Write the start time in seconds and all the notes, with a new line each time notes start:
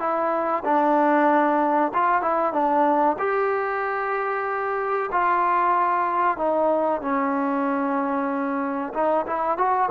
0.00 E4
0.65 D4
1.94 F4
2.22 E4
2.53 D4
3.19 G4
5.12 F4
6.38 D#4
7.02 C#4
8.94 D#4
9.27 E4
9.58 F#4